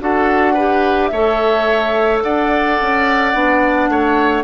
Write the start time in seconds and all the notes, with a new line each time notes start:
0.00 D4 F#4 A4 F#5
0.54 G4 B4
1.07 A3 C#5 E5
1.15 A4
2.23 D4 D5 F#5
2.81 C#4
3.34 B3 D4
3.89 A3 C#5